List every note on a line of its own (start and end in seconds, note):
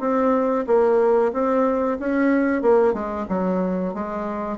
0.00 0.65 C4
0.67 1.32 A#3
1.33 1.98 C4
2.00 2.62 C#4
2.62 2.93 A#3
2.93 3.26 G#3
3.29 3.94 F#3
3.94 4.58 G#3